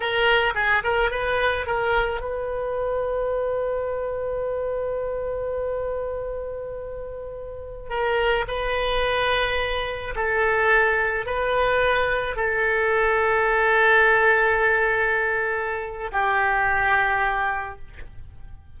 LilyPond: \new Staff \with { instrumentName = "oboe" } { \time 4/4 \tempo 4 = 108 ais'4 gis'8 ais'8 b'4 ais'4 | b'1~ | b'1~ | b'2~ b'16 ais'4 b'8.~ |
b'2~ b'16 a'4.~ a'16~ | a'16 b'2 a'4.~ a'16~ | a'1~ | a'4 g'2. | }